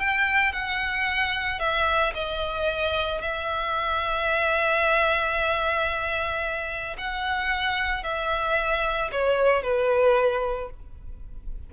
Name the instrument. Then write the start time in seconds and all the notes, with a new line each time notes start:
violin
0.00 G5
0.53 F#5
1.60 E5
2.15 D#5
3.22 E5
6.98 F#5
8.04 E5
9.12 C#5
9.63 B4